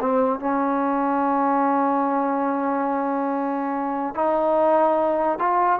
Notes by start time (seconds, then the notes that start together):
0.00 C4
0.40 C#4
4.15 D#4
5.39 F4